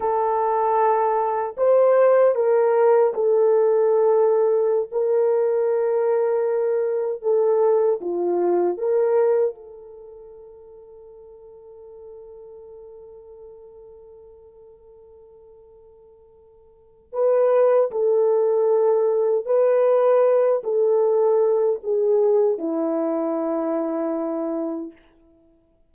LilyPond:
\new Staff \with { instrumentName = "horn" } { \time 4/4 \tempo 4 = 77 a'2 c''4 ais'4 | a'2~ a'16 ais'4.~ ais'16~ | ais'4~ ais'16 a'4 f'4 ais'8.~ | ais'16 a'2.~ a'8.~ |
a'1~ | a'2 b'4 a'4~ | a'4 b'4. a'4. | gis'4 e'2. | }